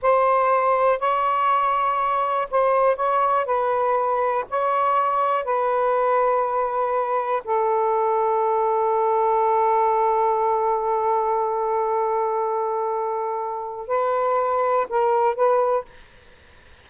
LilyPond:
\new Staff \with { instrumentName = "saxophone" } { \time 4/4 \tempo 4 = 121 c''2 cis''2~ | cis''4 c''4 cis''4 b'4~ | b'4 cis''2 b'4~ | b'2. a'4~ |
a'1~ | a'1~ | a'1 | b'2 ais'4 b'4 | }